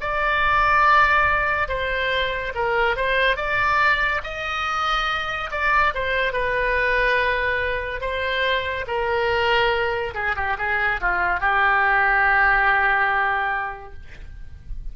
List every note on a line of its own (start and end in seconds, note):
0.00 1.68 D5
1.68 2.53 C5
2.54 2.96 A#4
2.96 3.36 C5
3.36 4.21 D5
4.23 5.50 D#5
5.51 5.93 D5
5.94 6.32 C5
6.32 8.01 B4
8.01 8.85 C5
8.87 10.14 A#4
10.14 10.35 G#4
10.36 10.57 G4
10.58 11.00 G#4
11.01 11.40 F4
11.40 13.93 G4